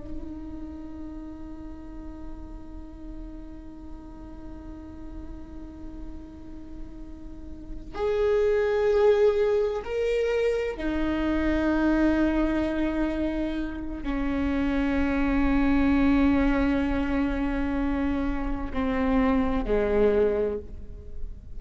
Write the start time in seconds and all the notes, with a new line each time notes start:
0.00 D#4
7.95 G#4
9.85 A#4
10.77 D#4
14.04 C#4
18.74 C4
19.65 G#3